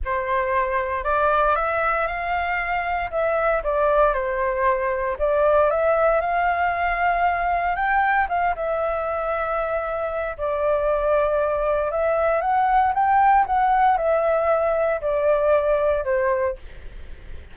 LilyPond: \new Staff \with { instrumentName = "flute" } { \time 4/4 \tempo 4 = 116 c''2 d''4 e''4 | f''2 e''4 d''4 | c''2 d''4 e''4 | f''2. g''4 |
f''8 e''2.~ e''8 | d''2. e''4 | fis''4 g''4 fis''4 e''4~ | e''4 d''2 c''4 | }